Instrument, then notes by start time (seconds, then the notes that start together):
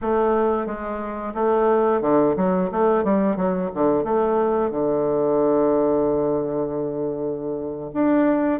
bassoon
0.01 A3
0.66 G#3
1.34 A3
2.01 D3
2.36 F#3
2.71 A3
3.03 G3
3.36 F#3
3.74 D3
4.04 A3
4.70 D3
7.93 D4